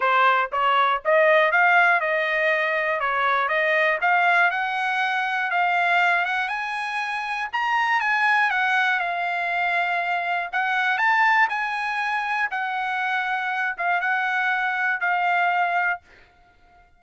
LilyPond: \new Staff \with { instrumentName = "trumpet" } { \time 4/4 \tempo 4 = 120 c''4 cis''4 dis''4 f''4 | dis''2 cis''4 dis''4 | f''4 fis''2 f''4~ | f''8 fis''8 gis''2 ais''4 |
gis''4 fis''4 f''2~ | f''4 fis''4 a''4 gis''4~ | gis''4 fis''2~ fis''8 f''8 | fis''2 f''2 | }